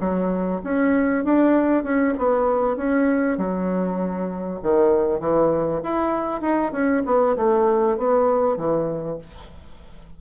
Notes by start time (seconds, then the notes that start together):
0.00 F#3
0.64 C#4
1.24 D4
1.83 C#4
2.18 B3
2.76 C#4
3.38 F#3
4.62 D#3
5.20 E3
5.83 E4
6.41 D#4
6.72 C#4
7.05 B3
7.36 A3
7.98 B3
8.57 E3